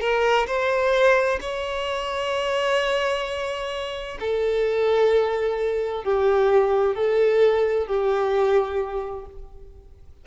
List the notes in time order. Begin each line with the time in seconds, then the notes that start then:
0.00 A#4
0.46 C5
1.41 C#5
4.20 A4
6.04 G4
6.95 A4
7.87 G4